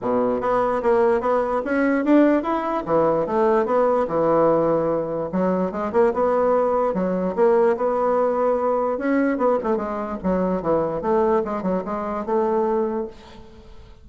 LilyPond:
\new Staff \with { instrumentName = "bassoon" } { \time 4/4 \tempo 4 = 147 b,4 b4 ais4 b4 | cis'4 d'4 e'4 e4 | a4 b4 e2~ | e4 fis4 gis8 ais8 b4~ |
b4 fis4 ais4 b4~ | b2 cis'4 b8 a8 | gis4 fis4 e4 a4 | gis8 fis8 gis4 a2 | }